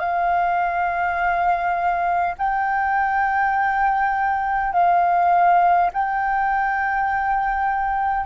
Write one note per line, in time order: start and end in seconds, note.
0.00 2.35 F5
2.39 4.73 G5
4.73 5.91 F5
5.94 8.26 G5